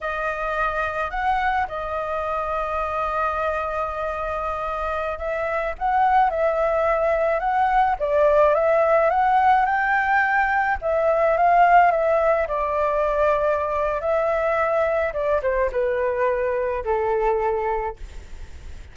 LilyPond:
\new Staff \with { instrumentName = "flute" } { \time 4/4 \tempo 4 = 107 dis''2 fis''4 dis''4~ | dis''1~ | dis''4~ dis''16 e''4 fis''4 e''8.~ | e''4~ e''16 fis''4 d''4 e''8.~ |
e''16 fis''4 g''2 e''8.~ | e''16 f''4 e''4 d''4.~ d''16~ | d''4 e''2 d''8 c''8 | b'2 a'2 | }